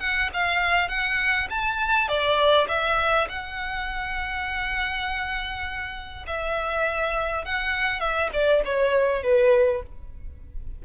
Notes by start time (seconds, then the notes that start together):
0.00 F#5
0.34 F5
0.89 F#5
1.50 A5
2.08 D5
2.68 E5
3.29 F#5
6.27 E5
7.45 F#5
8.00 E5
8.33 D5
8.65 C#5
9.23 B4